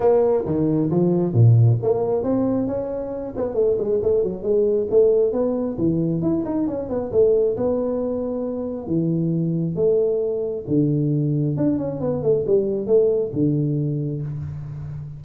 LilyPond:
\new Staff \with { instrumentName = "tuba" } { \time 4/4 \tempo 4 = 135 ais4 dis4 f4 ais,4 | ais4 c'4 cis'4. b8 | a8 gis8 a8 fis8 gis4 a4 | b4 e4 e'8 dis'8 cis'8 b8 |
a4 b2. | e2 a2 | d2 d'8 cis'8 b8 a8 | g4 a4 d2 | }